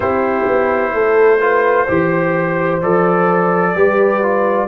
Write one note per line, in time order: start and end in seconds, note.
0.00 0.46 C4
0.00 1.40 E4
0.00 0.92 G4
0.00 2.80 C5
0.46 0.93 B3
0.93 1.87 A3
0.93 1.40 A4
1.40 1.87 F4
1.40 1.85 B4
1.85 2.82 E3
1.85 2.81 G4
1.85 3.73 C5
2.81 3.75 F3
2.81 3.76 A4
2.81 4.68 D5
3.75 4.68 G3
3.75 4.22 G4
3.75 4.68 B4
4.22 4.68 F4